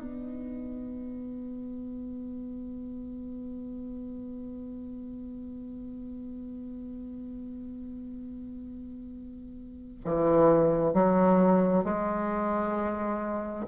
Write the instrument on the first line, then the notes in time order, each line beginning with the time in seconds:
bassoon
0.00 B3
10.05 E3
10.93 F#3
11.84 G#3